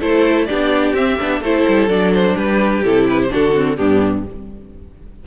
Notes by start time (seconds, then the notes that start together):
0.00 A3 E4 A4 C5
0.45 B3 D4 G4 D5
0.93 C4 E5
1.19 B3 D4
1.41 A3 E4 A4 C5
1.68 G3
1.88 F#3 D4 D5
2.13 C5
2.35 G3 G4 B4
2.83 C3 E4 A4
3.09 B4
3.22 C5
3.29 D3 D4 F#4 A4
3.55 C4
3.76 G2 B3 D4 G4